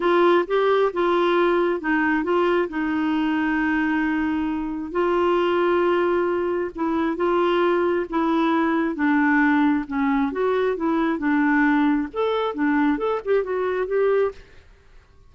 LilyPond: \new Staff \with { instrumentName = "clarinet" } { \time 4/4 \tempo 4 = 134 f'4 g'4 f'2 | dis'4 f'4 dis'2~ | dis'2. f'4~ | f'2. e'4 |
f'2 e'2 | d'2 cis'4 fis'4 | e'4 d'2 a'4 | d'4 a'8 g'8 fis'4 g'4 | }